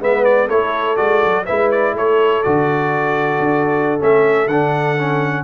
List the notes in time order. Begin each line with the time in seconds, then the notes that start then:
0.00 G#3 B3 B4 E5
0.24 D5
0.47 A3 E4 A4 C#5
0.96 G#3 F#4 D5
1.24 F#3
1.45 G#3 E4 B4 E5
1.71 D5
1.93 A3 A4 C#5
2.43 D3 F#4 D5
3.39 D4
3.99 A3 C#4 E5
4.46 D3 D4 F#5
4.97 C#4